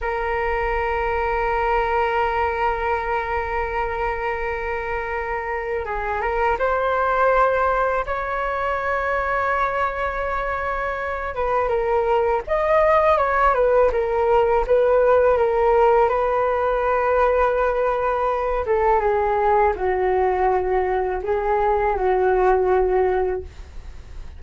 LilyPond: \new Staff \with { instrumentName = "flute" } { \time 4/4 \tempo 4 = 82 ais'1~ | ais'1 | gis'8 ais'8 c''2 cis''4~ | cis''2.~ cis''8 b'8 |
ais'4 dis''4 cis''8 b'8 ais'4 | b'4 ais'4 b'2~ | b'4. a'8 gis'4 fis'4~ | fis'4 gis'4 fis'2 | }